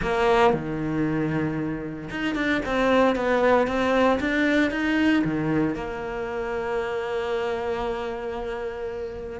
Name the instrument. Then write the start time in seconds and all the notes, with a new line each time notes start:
cello
0.01 A#3
0.53 D#3
2.10 D#4
2.35 D4
2.65 C4
3.15 B3
3.67 C4
4.20 D4
4.70 D#4
5.24 D#3
5.74 A#3